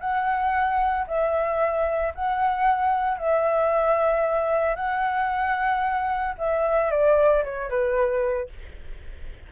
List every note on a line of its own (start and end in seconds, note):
0.00 1.06 F#5
1.07 2.13 E5
2.15 3.18 F#5
3.18 4.76 E5
4.76 6.35 F#5
6.38 6.91 E5
6.91 7.44 D5
7.44 7.70 C#5
7.70 8.49 B4